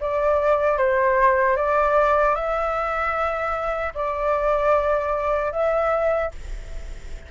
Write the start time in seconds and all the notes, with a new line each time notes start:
0.00 D5
0.78 C5
1.56 D5
2.35 E5
3.94 D5
5.52 E5